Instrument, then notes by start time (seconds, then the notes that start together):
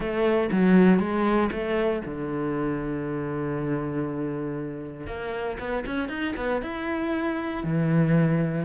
cello
0.00 A3
0.51 F#3
0.99 G#3
1.51 A3
2.05 D3
5.07 A#3
5.59 B3
5.86 C#4
6.09 D#4
6.36 B3
6.61 E4
7.63 E3